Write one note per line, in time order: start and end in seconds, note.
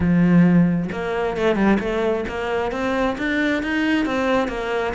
0.00 0.89 F3
0.91 1.37 A#3
1.37 1.55 A3
1.55 1.78 G3
1.79 2.24 A3
2.28 2.71 A#3
2.71 3.16 C4
3.17 3.62 D4
3.62 4.05 D#4
4.05 4.48 C4
4.48 4.93 A#3